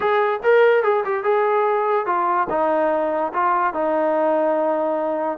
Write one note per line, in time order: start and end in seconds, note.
0.00 0.40 G#4
0.43 0.83 A#4
0.83 1.03 G#4
1.04 1.23 G4
1.23 2.06 G#4
2.06 2.47 F4
2.49 3.32 D#4
3.33 3.73 F4
3.73 5.38 D#4